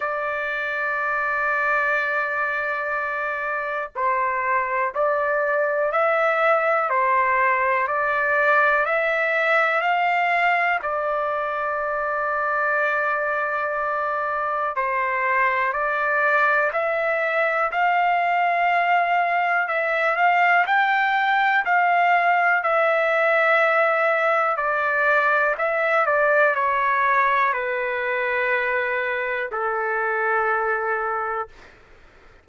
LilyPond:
\new Staff \with { instrumentName = "trumpet" } { \time 4/4 \tempo 4 = 61 d''1 | c''4 d''4 e''4 c''4 | d''4 e''4 f''4 d''4~ | d''2. c''4 |
d''4 e''4 f''2 | e''8 f''8 g''4 f''4 e''4~ | e''4 d''4 e''8 d''8 cis''4 | b'2 a'2 | }